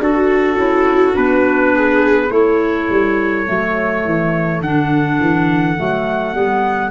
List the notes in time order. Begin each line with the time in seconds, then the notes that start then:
0.00 D4 F#4 A4
0.57 C#4 E4
1.13 B3 D4 B4
1.75 G#4
2.31 A3 E4 A4 C#5
2.90 G3
3.47 F#3 A3
4.05 E3
4.61 D3 D4 F#5
5.20 E3
5.78 F#3 A3
6.34 G3 B3